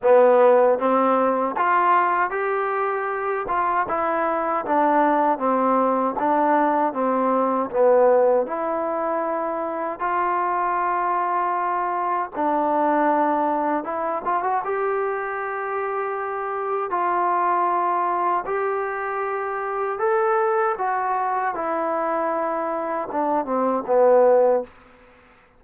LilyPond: \new Staff \with { instrumentName = "trombone" } { \time 4/4 \tempo 4 = 78 b4 c'4 f'4 g'4~ | g'8 f'8 e'4 d'4 c'4 | d'4 c'4 b4 e'4~ | e'4 f'2. |
d'2 e'8 f'16 fis'16 g'4~ | g'2 f'2 | g'2 a'4 fis'4 | e'2 d'8 c'8 b4 | }